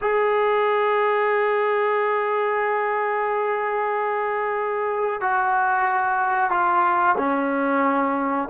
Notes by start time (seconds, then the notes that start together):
0.01 G#4
5.20 F#4
6.50 F4
7.18 C#4